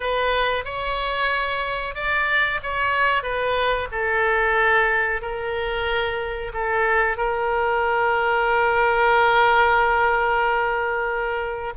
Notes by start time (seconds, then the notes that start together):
0.00 B4
0.65 C#5
1.94 D5
2.62 C#5
3.23 B4
3.91 A4
5.21 A#4
6.53 A4
7.17 A#4